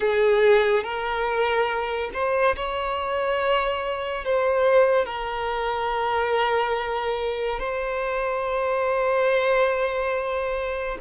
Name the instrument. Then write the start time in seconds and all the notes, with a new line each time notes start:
violin
0.00 G#4
0.83 A#4
2.13 C5
2.56 C#5
4.24 C5
5.05 A#4
7.59 C5